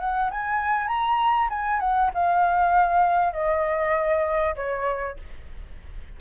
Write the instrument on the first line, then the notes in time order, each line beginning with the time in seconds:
flute
0.00 F#5
0.31 G#5
0.88 A#5
1.50 G#5
1.80 F#5
2.14 F5
3.33 D#5
4.56 C#5